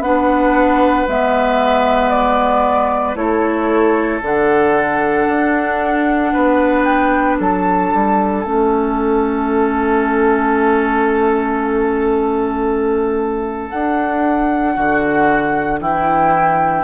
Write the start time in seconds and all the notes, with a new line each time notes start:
0.00 B3 D4 B4 F#5
1.08 G#3 B3 E5
2.10 D5
3.15 A3 E4 A4 C#5
4.22 D3 D4 F#5
5.28 D4
6.33 B3 B4
6.84 G5
7.39 F#3 A4 A5
7.93 G3
8.44 A3 C#4 E5
13.70 D4 F#5
14.75 D3 F#4
15.80 E3 E4 G5